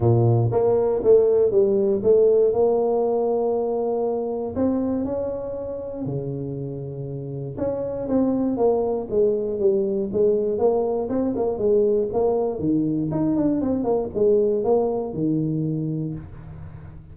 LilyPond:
\new Staff \with { instrumentName = "tuba" } { \time 4/4 \tempo 4 = 119 ais,4 ais4 a4 g4 | a4 ais2.~ | ais4 c'4 cis'2 | cis2. cis'4 |
c'4 ais4 gis4 g4 | gis4 ais4 c'8 ais8 gis4 | ais4 dis4 dis'8 d'8 c'8 ais8 | gis4 ais4 dis2 | }